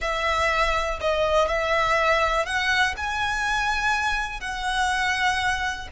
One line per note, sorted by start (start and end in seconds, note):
0.01 0.99 E5
1.01 1.48 D#5
1.48 2.45 E5
2.45 2.94 F#5
2.96 4.40 G#5
4.40 5.88 F#5